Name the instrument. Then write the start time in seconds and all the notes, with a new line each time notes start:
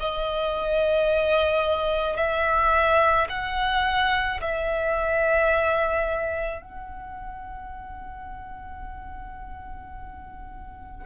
violin
0.00 D#5
2.17 E5
3.29 F#5
4.41 E5
6.62 F#5